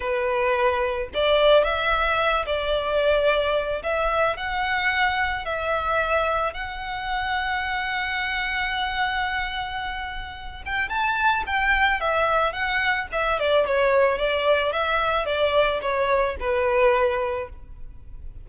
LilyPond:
\new Staff \with { instrumentName = "violin" } { \time 4/4 \tempo 4 = 110 b'2 d''4 e''4~ | e''8 d''2~ d''8 e''4 | fis''2 e''2 | fis''1~ |
fis''2.~ fis''8 g''8 | a''4 g''4 e''4 fis''4 | e''8 d''8 cis''4 d''4 e''4 | d''4 cis''4 b'2 | }